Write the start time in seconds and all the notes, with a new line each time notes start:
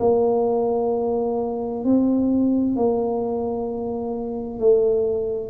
0.00 A#3
1.85 C4
2.76 A#3
4.59 A3